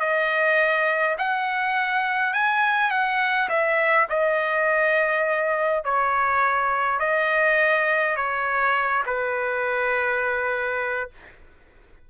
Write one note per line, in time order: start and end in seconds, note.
0.00 1.17 D#5
1.18 2.34 F#5
2.34 2.91 G#5
2.91 3.49 F#5
3.50 4.08 E5
4.10 5.85 D#5
5.85 7.00 C#5
7.00 8.17 D#5
8.17 9.04 C#5
9.06 11.10 B4